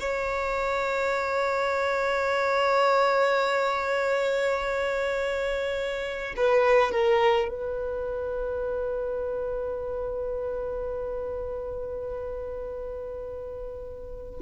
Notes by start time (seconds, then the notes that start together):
0.00 C#5
6.37 B4
6.92 A#4
7.48 B4